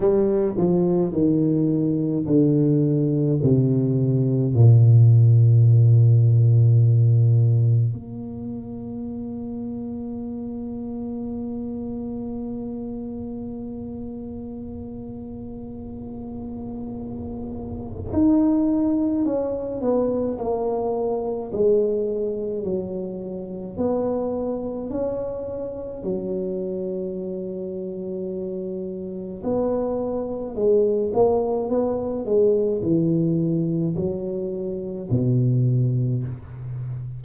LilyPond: \new Staff \with { instrumentName = "tuba" } { \time 4/4 \tempo 4 = 53 g8 f8 dis4 d4 c4 | ais,2. ais4~ | ais1~ | ais1 |
dis'4 cis'8 b8 ais4 gis4 | fis4 b4 cis'4 fis4~ | fis2 b4 gis8 ais8 | b8 gis8 e4 fis4 b,4 | }